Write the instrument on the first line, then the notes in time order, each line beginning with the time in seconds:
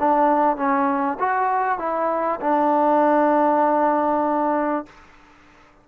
trombone
0.00 D4
0.57 C#4
1.20 F#4
1.79 E4
2.41 D4